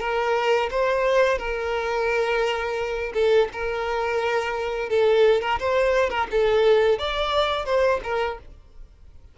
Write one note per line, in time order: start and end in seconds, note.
0.00 0.70 A#4
0.71 1.39 C5
1.39 3.13 A#4
3.14 3.49 A4
3.53 4.90 A#4
4.90 5.42 A4
5.42 5.59 A#4
5.59 6.10 C5
6.10 6.27 A#4
6.31 6.99 A4
6.99 7.66 D5
7.66 8.00 C5
8.04 8.38 A#4